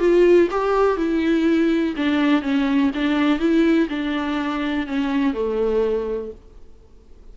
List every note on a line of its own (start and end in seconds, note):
0.00 0.49 F4
0.51 0.97 G4
0.97 1.95 E4
1.97 2.42 D4
2.42 2.91 C#4
2.95 3.40 D4
3.40 3.88 E4
3.90 4.87 D4
4.87 5.34 C#4
5.34 6.31 A3